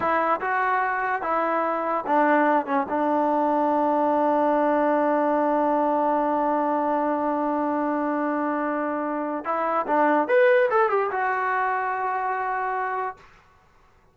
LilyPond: \new Staff \with { instrumentName = "trombone" } { \time 4/4 \tempo 4 = 146 e'4 fis'2 e'4~ | e'4 d'4. cis'8 d'4~ | d'1~ | d'1~ |
d'1~ | d'2. e'4 | d'4 b'4 a'8 g'8 fis'4~ | fis'1 | }